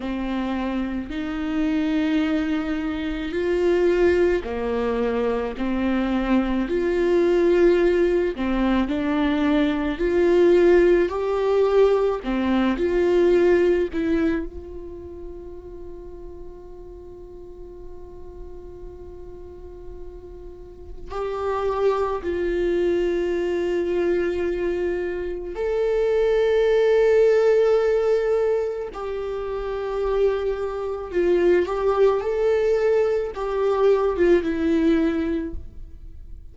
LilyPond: \new Staff \with { instrumentName = "viola" } { \time 4/4 \tempo 4 = 54 c'4 dis'2 f'4 | ais4 c'4 f'4. c'8 | d'4 f'4 g'4 c'8 f'8~ | f'8 e'8 f'2.~ |
f'2. g'4 | f'2. a'4~ | a'2 g'2 | f'8 g'8 a'4 g'8. f'16 e'4 | }